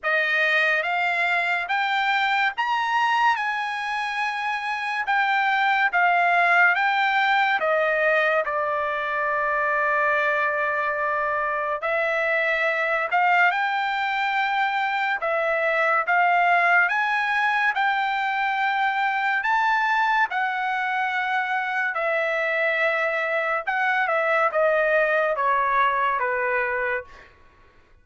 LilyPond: \new Staff \with { instrumentName = "trumpet" } { \time 4/4 \tempo 4 = 71 dis''4 f''4 g''4 ais''4 | gis''2 g''4 f''4 | g''4 dis''4 d''2~ | d''2 e''4. f''8 |
g''2 e''4 f''4 | gis''4 g''2 a''4 | fis''2 e''2 | fis''8 e''8 dis''4 cis''4 b'4 | }